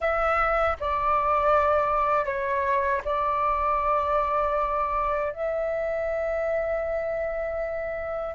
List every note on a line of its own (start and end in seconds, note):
0.00 0.76 E5
0.79 2.25 D5
2.25 3.01 C#5
3.04 5.32 D5
5.32 8.34 E5